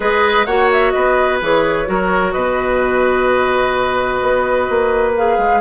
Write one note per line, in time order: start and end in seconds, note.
0.00 0.45 G#3
0.00 0.45 G#4
0.00 0.45 B4
0.00 0.45 D#5
0.45 0.92 A#3
0.45 1.41 F#4
0.45 0.92 C#5
0.45 0.68 F#5
0.72 0.91 E5
0.91 1.41 B3
0.91 1.87 B4
0.91 1.38 D#5
1.41 1.88 E3
1.41 1.85 G#4
1.41 2.32 C#5
1.85 2.34 F#3
1.85 5.13 F#4
1.85 2.33 A#4
2.32 4.21 B2
2.32 5.60 B4
2.32 5.13 D#5
4.21 4.68 B3
4.69 5.38 A#3
5.17 5.60 G#4
5.17 5.60 F5
5.38 5.60 G#3